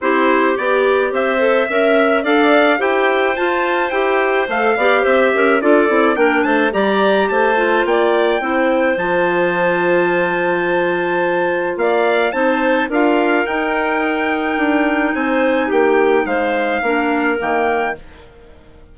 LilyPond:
<<
  \new Staff \with { instrumentName = "trumpet" } { \time 4/4 \tempo 4 = 107 c''4 d''4 e''2 | f''4 g''4 a''4 g''4 | f''4 e''4 d''4 g''8 a''8 | ais''4 a''4 g''2 |
a''1~ | a''4 f''4 a''4 f''4 | g''2. gis''4 | g''4 f''2 g''4 | }
  \new Staff \with { instrumentName = "clarinet" } { \time 4/4 g'2 c''4 e''4 | d''4 c''2.~ | c''8 d''8 c''8 ais'8 a'4 ais'8 c''8 | d''4 c''4 d''4 c''4~ |
c''1~ | c''4 d''4 c''4 ais'4~ | ais'2. c''4 | g'4 c''4 ais'2 | }
  \new Staff \with { instrumentName = "clarinet" } { \time 4/4 e'4 g'4. a'8 ais'4 | a'4 g'4 f'4 g'4 | a'8 g'4. f'8 e'8 d'4 | g'4. f'4. e'4 |
f'1~ | f'2 dis'4 f'4 | dis'1~ | dis'2 d'4 ais4 | }
  \new Staff \with { instrumentName = "bassoon" } { \time 4/4 c'4 b4 c'4 cis'4 | d'4 e'4 f'4 e'4 | a8 b8 c'8 cis'8 d'8 c'8 ais8 a8 | g4 a4 ais4 c'4 |
f1~ | f4 ais4 c'4 d'4 | dis'2 d'4 c'4 | ais4 gis4 ais4 dis4 | }
>>